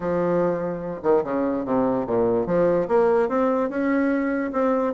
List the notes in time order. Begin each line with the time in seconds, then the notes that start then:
0.00 F3
1.02 D#3
1.24 C#3
1.65 C3
2.06 A#2
2.46 F3
2.88 A#3
3.28 C4
3.69 C#4
4.52 C4